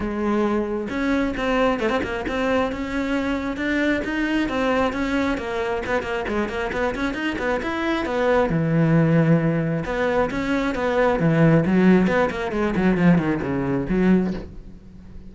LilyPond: \new Staff \with { instrumentName = "cello" } { \time 4/4 \tempo 4 = 134 gis2 cis'4 c'4 | a16 c'16 ais8 c'4 cis'2 | d'4 dis'4 c'4 cis'4 | ais4 b8 ais8 gis8 ais8 b8 cis'8 |
dis'8 b8 e'4 b4 e4~ | e2 b4 cis'4 | b4 e4 fis4 b8 ais8 | gis8 fis8 f8 dis8 cis4 fis4 | }